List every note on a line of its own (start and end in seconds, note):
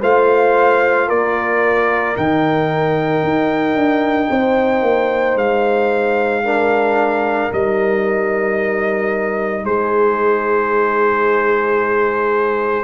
0.00 1.09 A3
0.00 2.16 F4
0.00 1.07 C5
0.00 1.10 F5
1.08 2.17 A#3
1.08 4.30 A#4
1.08 2.17 D5
2.16 3.23 D#3
2.16 6.44 D#4
2.16 5.38 G5
3.23 3.75 D#4
3.75 4.29 D4
4.31 4.82 C4
4.31 6.45 C5
4.82 5.35 A#3
5.36 7.50 G#3
5.36 7.52 F5
6.44 7.51 D4
6.44 9.66 A#4
7.51 9.64 G3
7.51 12.84 D#4
7.51 9.66 D#5
9.64 12.84 G#3
9.64 12.84 G#4
9.64 12.84 C5